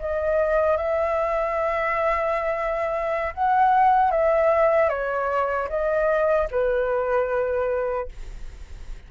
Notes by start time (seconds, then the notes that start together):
0.00 D#5
0.78 E5
3.35 F#5
4.12 E5
4.89 C#5
5.69 D#5
6.51 B4